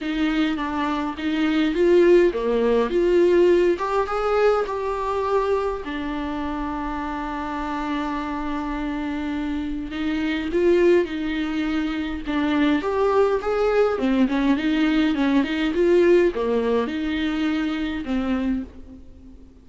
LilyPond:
\new Staff \with { instrumentName = "viola" } { \time 4/4 \tempo 4 = 103 dis'4 d'4 dis'4 f'4 | ais4 f'4. g'8 gis'4 | g'2 d'2~ | d'1~ |
d'4 dis'4 f'4 dis'4~ | dis'4 d'4 g'4 gis'4 | c'8 cis'8 dis'4 cis'8 dis'8 f'4 | ais4 dis'2 c'4 | }